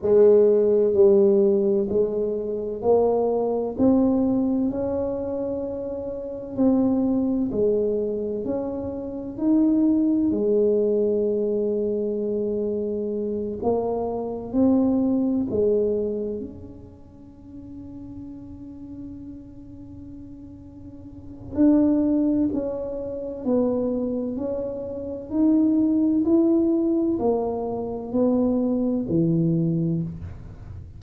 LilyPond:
\new Staff \with { instrumentName = "tuba" } { \time 4/4 \tempo 4 = 64 gis4 g4 gis4 ais4 | c'4 cis'2 c'4 | gis4 cis'4 dis'4 gis4~ | gis2~ gis8 ais4 c'8~ |
c'8 gis4 cis'2~ cis'8~ | cis'2. d'4 | cis'4 b4 cis'4 dis'4 | e'4 ais4 b4 e4 | }